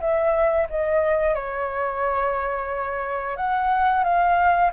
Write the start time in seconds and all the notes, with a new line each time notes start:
0.00 E5
0.70 D#5
1.35 C#5
3.36 F#5
4.04 F5